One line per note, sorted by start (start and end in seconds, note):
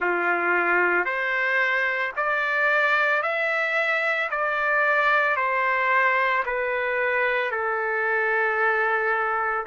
0.00 1.05 F4
1.05 2.12 C5
2.16 3.22 D5
3.22 4.29 E5
4.30 5.36 D5
5.36 6.43 C5
6.45 7.51 B4
7.51 9.65 A4